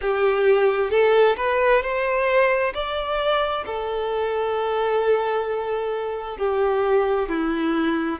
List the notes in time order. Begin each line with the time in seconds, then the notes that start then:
0.01 G4
0.90 A4
1.36 B4
1.82 C5
2.74 D5
3.66 A4
6.37 G4
7.29 E4